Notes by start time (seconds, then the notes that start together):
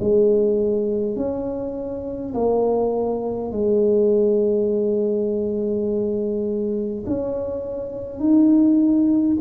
0.00 G#3
1.16 C#4
2.34 A#3
3.51 G#3
7.06 C#4
8.20 D#4